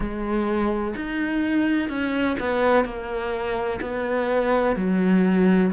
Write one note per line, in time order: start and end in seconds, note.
0.00 0.94 G#3
0.96 1.89 D#4
1.89 2.36 C#4
2.39 2.84 B3
2.84 3.80 A#3
3.81 4.76 B3
4.76 5.71 F#3